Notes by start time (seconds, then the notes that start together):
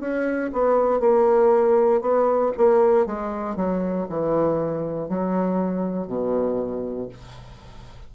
0.00 C#4
0.52 B3
1.00 A#3
2.01 B3
2.57 A#3
3.06 G#3
3.55 F#3
4.09 E3
5.08 F#3
6.07 B2